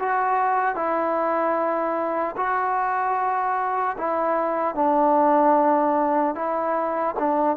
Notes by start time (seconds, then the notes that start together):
0.00 F#4
0.76 E4
2.37 F#4
3.98 E4
4.76 D4
6.35 E4
7.20 D4